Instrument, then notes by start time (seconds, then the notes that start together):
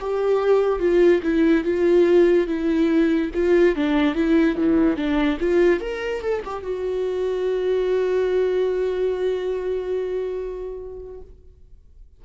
viola
0.00 G4
0.79 F4
1.23 E4
1.65 F4
2.47 E4
3.34 F4
3.75 D4
4.15 E4
4.56 E3
4.97 D4
5.40 F4
5.80 A#4
6.21 A4
6.45 G4
6.63 F#4